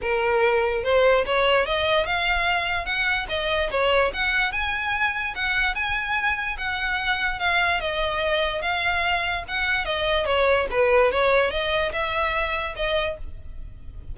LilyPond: \new Staff \with { instrumentName = "violin" } { \time 4/4 \tempo 4 = 146 ais'2 c''4 cis''4 | dis''4 f''2 fis''4 | dis''4 cis''4 fis''4 gis''4~ | gis''4 fis''4 gis''2 |
fis''2 f''4 dis''4~ | dis''4 f''2 fis''4 | dis''4 cis''4 b'4 cis''4 | dis''4 e''2 dis''4 | }